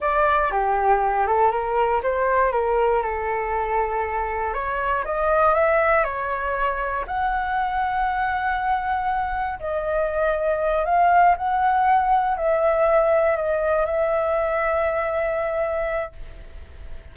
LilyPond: \new Staff \with { instrumentName = "flute" } { \time 4/4 \tempo 4 = 119 d''4 g'4. a'8 ais'4 | c''4 ais'4 a'2~ | a'4 cis''4 dis''4 e''4 | cis''2 fis''2~ |
fis''2. dis''4~ | dis''4. f''4 fis''4.~ | fis''8 e''2 dis''4 e''8~ | e''1 | }